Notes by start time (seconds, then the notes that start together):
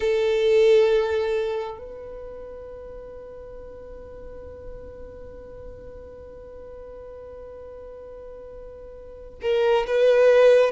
0.00 A4
1.78 B4
9.41 A#4
9.87 B4